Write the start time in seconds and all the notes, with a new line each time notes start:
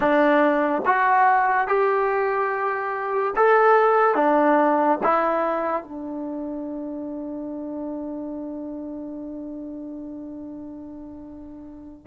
0.00 D4
0.85 F#4
1.67 G4
3.36 A4
4.14 D4
5.03 E4
5.83 D4